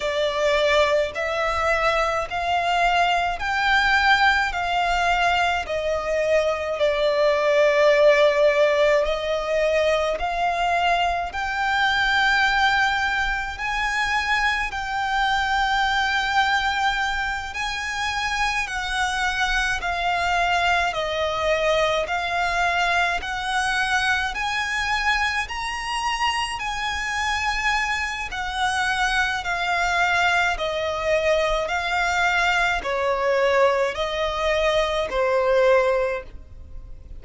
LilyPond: \new Staff \with { instrumentName = "violin" } { \time 4/4 \tempo 4 = 53 d''4 e''4 f''4 g''4 | f''4 dis''4 d''2 | dis''4 f''4 g''2 | gis''4 g''2~ g''8 gis''8~ |
gis''8 fis''4 f''4 dis''4 f''8~ | f''8 fis''4 gis''4 ais''4 gis''8~ | gis''4 fis''4 f''4 dis''4 | f''4 cis''4 dis''4 c''4 | }